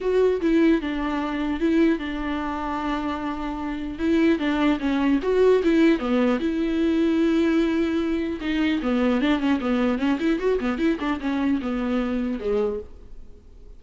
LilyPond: \new Staff \with { instrumentName = "viola" } { \time 4/4 \tempo 4 = 150 fis'4 e'4 d'2 | e'4 d'2.~ | d'2 e'4 d'4 | cis'4 fis'4 e'4 b4 |
e'1~ | e'4 dis'4 b4 d'8 cis'8 | b4 cis'8 e'8 fis'8 b8 e'8 d'8 | cis'4 b2 gis4 | }